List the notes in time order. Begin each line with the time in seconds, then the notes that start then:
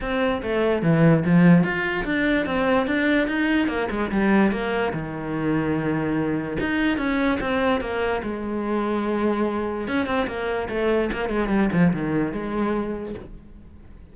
0.01 C4
0.42 A3
0.82 E3
1.25 F3
1.63 F4
2.05 D4
2.46 C4
2.86 D4
3.27 D#4
3.67 A#3
3.90 G#3
4.11 G3
4.51 A#3
4.93 D#3
6.60 D#4
6.97 C#4
7.40 C4
7.80 A#3
8.23 G#3
9.87 C#4
10.06 C4
10.27 A#3
10.69 A3
11.12 A#3
11.29 G#3
11.48 G3
11.72 F3
11.93 D#3
12.32 G#3